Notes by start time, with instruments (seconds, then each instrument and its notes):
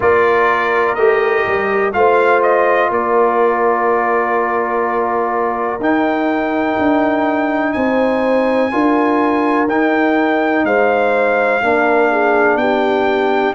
0.00 tuba A#3, trombone F4, horn A#4, trumpet D5
0.95 tuba A3, trombone G4, trumpet D#5
1.46 tuba G3
1.92 tuba A3, trombone F4, horn C5, trumpet F5
2.42 trumpet D#5
2.90 tuba A#3, horn A#4, trumpet D5
5.79 tuba D#4, trombone D#4, trumpet G5
6.78 tuba D4
7.72 tuba C4, horn C5, trumpet G#5
8.71 tuba D4, trombone F4, horn A#4
9.67 tuba D#4, trombone D#4, trumpet G5
10.64 tuba G#3, horn C5, trumpet F5
11.61 tuba A#3, trombone D4, horn A#4
12.10 horn G#4
12.56 tuba B3, horn G4, trumpet G5